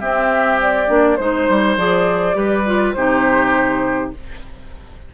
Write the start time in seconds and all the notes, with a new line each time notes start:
0.00 C4 G4 E5
0.61 D5
0.88 A#3 D4
1.17 G#3 D#4 C5
1.49 G3
1.77 F3 G#4 D5
2.33 G3 G4 B4
2.66 F4
2.93 C3 D#4 G4 C5